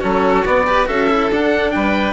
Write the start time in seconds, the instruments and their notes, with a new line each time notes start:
0.00 bassoon F#3, cello C#4, violin F#4, oboe A4
0.46 cello B3, bassoon B3, oboe D5
0.67 cello G4, violin B4
0.86 bassoon C#4, cello F#4, violin A4, oboe E5
1.10 cello E4
1.31 bassoon D4, cello D4, oboe F#5
1.71 bassoon G3, violin B4, oboe G5